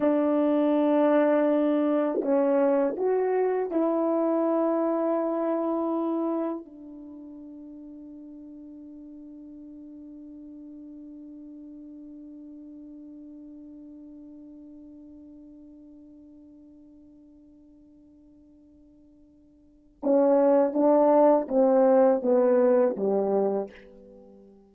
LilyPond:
\new Staff \with { instrumentName = "horn" } { \time 4/4 \tempo 4 = 81 d'2. cis'4 | fis'4 e'2.~ | e'4 d'2.~ | d'1~ |
d'1~ | d'1~ | d'2. cis'4 | d'4 c'4 b4 g4 | }